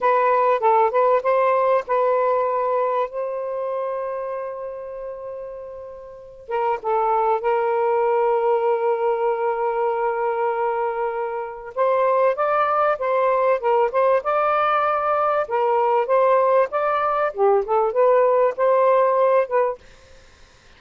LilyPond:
\new Staff \with { instrumentName = "saxophone" } { \time 4/4 \tempo 4 = 97 b'4 a'8 b'8 c''4 b'4~ | b'4 c''2.~ | c''2~ c''8 ais'8 a'4 | ais'1~ |
ais'2. c''4 | d''4 c''4 ais'8 c''8 d''4~ | d''4 ais'4 c''4 d''4 | g'8 a'8 b'4 c''4. b'8 | }